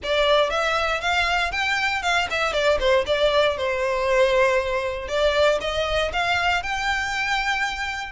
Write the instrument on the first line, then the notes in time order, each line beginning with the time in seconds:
violin
0.03 D5
0.49 E5
1.00 F5
1.51 G5
2.02 F5
2.30 E5
2.53 D5
2.79 C5
3.06 D5
3.57 C5
5.08 D5
5.60 D#5
6.12 F5
6.62 G5